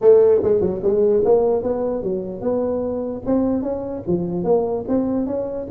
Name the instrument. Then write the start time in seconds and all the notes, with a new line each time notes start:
tuba
0.01 A3
0.43 G#3
0.60 F#3
0.83 G#3
1.24 A#3
1.63 B3
2.03 F#3
2.41 B3
3.26 C4
3.62 C#4
4.07 F3
4.44 A#3
4.88 C4
5.26 C#4